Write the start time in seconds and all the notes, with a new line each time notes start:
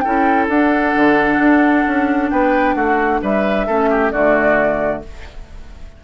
0.00 C#4 E4 A4 G5
0.48 D4 F#5
0.96 D3
1.38 D4
1.87 C#4
2.30 B3 B4 G5
2.74 A3 F#4 F#5
3.22 G3 B4 E5
3.66 A3 C#4 A4
3.89 G4
4.11 D3 A3 F#4 D5